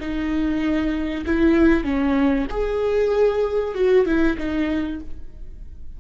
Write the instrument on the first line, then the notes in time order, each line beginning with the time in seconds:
viola
0.00 D#4
1.26 E4
1.84 C#4
2.50 G#4
3.74 F#4
4.06 E4
4.38 D#4